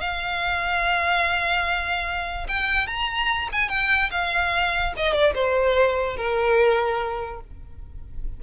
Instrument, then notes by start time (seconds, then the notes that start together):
violin
0.00 F5
2.48 G5
2.87 A#5
3.52 G#5
3.69 G5
4.11 F5
4.96 D#5
5.13 D5
5.34 C5
6.17 A#4